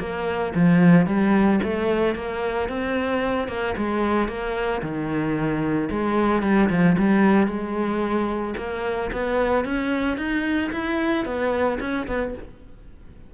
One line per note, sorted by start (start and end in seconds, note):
0.00 0.54 A#3
0.55 1.06 F3
1.06 1.60 G3
1.64 2.15 A3
2.15 2.69 A#3
2.69 3.48 C4
3.48 3.75 A#3
3.77 4.28 G#3
4.28 4.82 A#3
4.82 5.90 D#3
5.91 6.42 G#3
6.42 6.69 G3
6.70 6.96 F3
6.99 7.47 G3
7.47 8.54 G#3
8.57 9.11 A#3
9.12 9.65 B3
9.65 10.17 C#4
10.17 10.71 D#4
10.72 11.25 E4
11.25 11.79 B3
11.80 12.07 C#4
12.07 12.34 B3